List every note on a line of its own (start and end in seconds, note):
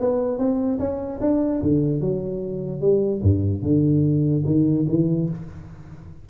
0.00 0.38 B3
0.38 0.78 C4
0.79 1.19 C#4
1.21 1.61 D4
1.62 2.00 D3
2.00 2.81 F#3
2.81 3.21 G3
3.22 3.62 G2
3.62 4.43 D3
4.45 4.86 D#3
4.89 5.29 E3